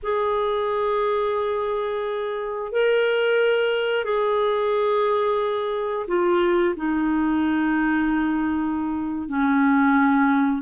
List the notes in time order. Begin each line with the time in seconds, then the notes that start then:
0.02 G#4
2.72 A#4
4.04 G#4
6.07 F4
6.76 D#4
9.28 C#4